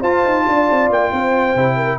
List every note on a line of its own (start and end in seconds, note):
0.00 0.24 F4
0.00 1.56 F4
0.00 0.44 C5
0.00 0.90 A5
0.24 0.46 D#4
0.48 0.70 D4
0.48 1.13 D5
0.70 0.89 C4
0.89 1.11 A#3
0.89 1.98 G5
1.12 1.55 C4
1.12 1.76 C5
1.55 1.98 C3
1.55 1.98 E4
1.76 1.98 A#4